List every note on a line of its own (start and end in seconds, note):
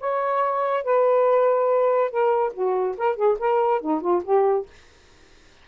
0.00 0.84 C#5
0.84 2.10 B4
2.10 2.53 A#4
2.53 2.96 F#4
2.97 3.16 A#4
3.16 3.37 G#4
3.39 3.81 A#4
3.81 4.01 D#4
4.01 4.22 F4
4.24 4.66 G4